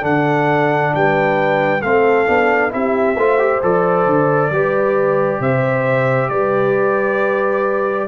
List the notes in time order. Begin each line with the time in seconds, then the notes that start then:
0.00 D3 D4 A4 F#5
0.94 G3 B4 G5
1.81 A3 C4 A4 F5
2.25 B3 D4
2.70 C4 E4 G4 E5
3.16 A3 F4 C5
3.38 G4
3.62 F3 A4 D5
4.05 D3
4.49 G3 G4 B4
5.39 C3 C5 E5
6.29 G3 B4 D5